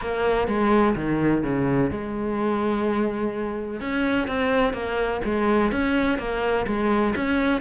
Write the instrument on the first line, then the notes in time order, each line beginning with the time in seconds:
cello
0.01 A#3
0.47 G#3
0.95 D#3
1.43 C#3
1.90 G#3
3.80 C#4
4.27 C4
4.73 A#3
5.24 G#3
5.71 C#4
6.18 A#3
6.66 G#3
7.15 C#4